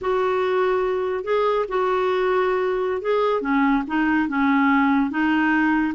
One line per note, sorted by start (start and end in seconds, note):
0.01 1.24 F#4
1.24 1.65 G#4
1.68 3.01 F#4
3.01 3.41 G#4
3.41 3.83 C#4
3.87 4.28 D#4
4.28 5.10 C#4
5.10 5.93 D#4